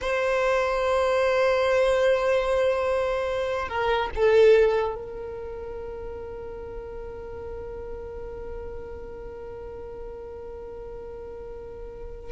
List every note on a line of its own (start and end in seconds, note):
0.01 3.68 C5
3.68 4.09 A#4
4.14 4.95 A4
4.95 12.31 A#4